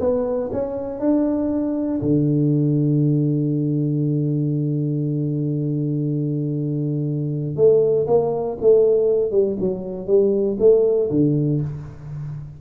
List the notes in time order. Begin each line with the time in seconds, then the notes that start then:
0.00 B3
0.52 C#4
0.99 D4
2.01 D3
7.56 A3
8.07 A#3
8.61 A3
9.31 G3
9.60 F#3
10.07 G3
10.59 A3
11.10 D3